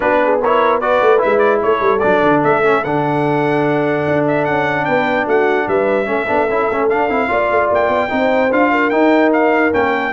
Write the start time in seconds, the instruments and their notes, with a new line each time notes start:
0.00 tuba B3, trombone D4, horn F#4, trumpet B4
0.23 horn G#4
0.42 trombone E4, horn A#4, trumpet C#5
0.80 trombone F#4, horn B4, trumpet D5
1.01 tuba A3
1.17 trombone E4, trumpet E5
1.25 tuba G#3
1.38 trumpet D5
1.62 tuba A3, horn A4, trumpet C#5
1.81 tuba G3
1.99 tuba F#3, trombone D4, trumpet D5
2.23 tuba D3
2.43 tuba A3, trumpet E5
2.63 trombone C#4
2.83 tuba D3, trombone D4, trumpet F#5
4.07 tuba D4
4.27 trumpet E5
4.45 tuba C#4, trumpet F#5
4.85 tuba B3, horn B4, trumpet G5
5.26 tuba A3, horn F#4, trumpet F#5
5.67 tuba G3, horn B4, trumpet E5
6.05 tuba A3, trombone C#4, horn A4
6.27 tuba B3, trombone D4
6.49 tuba C#4, trombone E4
6.70 tuba A3, trombone C#4
6.89 trombone D4, tuba D4, trumpet F5
7.09 tuba C4, trombone E4
7.28 tuba A#3, trombone F4, horn D5
7.49 tuba A3
7.71 tuba A#3, trumpet G5
7.88 tuba B3
8.09 tuba C4, trombone D#4, horn C5
8.51 tuba D4, trombone F4, trumpet F5
8.71 horn A#4
8.90 trombone D#4, tuba D#4, trumpet G5
9.32 trumpet F5
9.71 tuba A#3, trombone C#4, trumpet G5